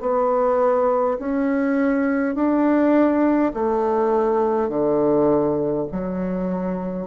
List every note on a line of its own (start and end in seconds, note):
0.00 1.18 B3
1.19 2.35 C#4
2.35 3.52 D4
3.54 4.68 A3
4.68 5.86 D3
5.92 7.07 F#3